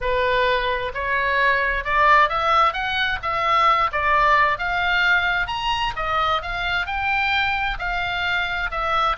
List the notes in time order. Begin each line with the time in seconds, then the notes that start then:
0.01 B4
0.94 C#5
1.84 D5
2.29 E5
2.73 F#5
3.22 E5
3.92 D5
4.58 F5
5.47 A#5
5.96 D#5
6.42 F5
6.86 G5
7.78 F5
8.70 E5